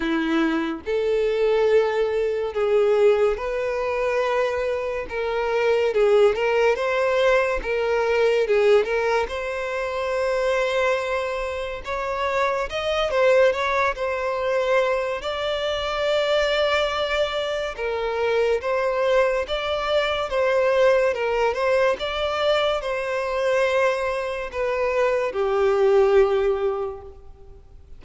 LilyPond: \new Staff \with { instrumentName = "violin" } { \time 4/4 \tempo 4 = 71 e'4 a'2 gis'4 | b'2 ais'4 gis'8 ais'8 | c''4 ais'4 gis'8 ais'8 c''4~ | c''2 cis''4 dis''8 c''8 |
cis''8 c''4. d''2~ | d''4 ais'4 c''4 d''4 | c''4 ais'8 c''8 d''4 c''4~ | c''4 b'4 g'2 | }